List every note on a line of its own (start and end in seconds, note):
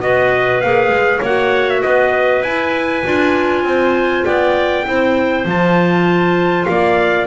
0.00 0.62 B3
0.00 0.61 F#4
0.00 1.19 B4
0.00 0.60 D#5
0.60 0.89 A#3
0.60 1.24 G#4
0.60 1.21 F5
0.89 1.19 G#3
1.19 1.83 A#3
1.19 2.44 F#4
1.19 1.80 C#5
1.19 1.69 F#5
1.69 1.82 E5
1.82 2.42 B3
1.82 3.64 B4
1.82 2.42 D#5
2.42 3.03 E4
2.42 3.04 E4
2.42 4.24 G#5
3.04 3.63 D4
3.04 4.85 F4
3.63 4.24 C4
3.63 4.25 C5
4.24 4.86 B3
4.24 4.85 D5
4.24 5.46 G5
4.85 5.45 C4
4.85 5.45 E4
4.85 6.68 C5
5.45 6.66 F3
5.45 7.26 F4
5.45 6.65 A5
6.65 7.26 A#3
6.65 7.26 D5
6.65 7.25 F5